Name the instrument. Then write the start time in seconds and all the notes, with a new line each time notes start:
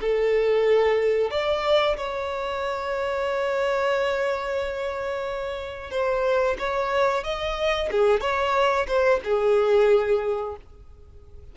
violin
0.00 A4
1.30 D5
1.97 C#5
5.90 C5
6.58 C#5
7.23 D#5
7.91 G#4
8.20 C#5
8.87 C5
9.24 G#4